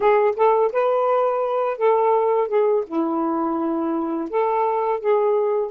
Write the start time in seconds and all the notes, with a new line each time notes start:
0.00 G#4
0.35 A4
0.72 B4
1.77 A4
2.48 G#4
2.86 E4
4.30 A4
4.99 G#4